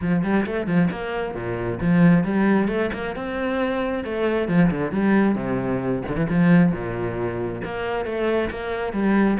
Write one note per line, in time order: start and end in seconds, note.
0.01 0.23 F3
0.23 0.45 G3
0.45 0.66 A3
0.66 0.89 F3
0.91 1.34 A#3
1.34 1.79 A#2
1.80 2.24 F3
2.24 2.67 G3
2.67 2.90 A3
2.93 3.15 A#3
3.15 4.04 C4
4.04 4.48 A3
4.48 4.70 F3
4.70 4.91 D3
4.91 5.35 G3
5.35 6.02 C3
6.08 6.16 D3
6.16 6.27 E3
6.29 6.72 F3
6.72 7.61 A#2
7.64 8.05 A#3
8.05 8.50 A3
8.50 8.92 A#3
8.92 9.37 G3